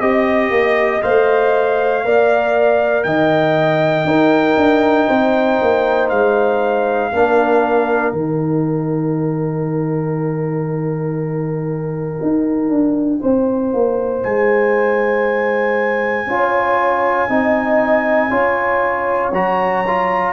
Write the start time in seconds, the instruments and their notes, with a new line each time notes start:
0.00 tuba C4, trombone G4, trumpet D#5, horn D#5
0.50 tuba A#3
1.02 tuba A3, trombone C5, trumpet F5
2.04 tuba A#3, trombone A#4, horn D5
3.03 tuba D#3, horn D#5, trumpet G5
4.04 tuba D#4, trombone D#4, horn A#4
4.56 tuba D4
5.07 tuba C4, horn C5
5.62 tuba A#3
6.09 tuba G#3, trumpet F5
7.12 tuba A#3, trombone D4, horn A#4
8.12 tuba D#3, trombone D#4, trumpet G5
12.22 tuba D#4
12.69 tuba D4
13.20 tuba C4, horn C5
13.73 tuba A#3
14.23 tuba G#3, trumpet G#5
16.26 tuba C#4, trombone F4, horn C#5
17.28 tuba C4, trombone D#4, horn D#5
18.30 tuba C#4, trombone F4, horn C#5
19.32 tuba F#3, trombone F#4, trumpet A#5
19.87 trombone F4